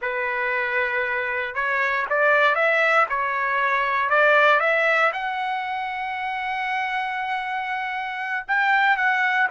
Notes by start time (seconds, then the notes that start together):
0.01 B4
1.55 C#5
2.09 D5
2.55 E5
3.09 C#5
4.09 D5
4.60 E5
5.12 F#5
8.47 G5
8.96 F#5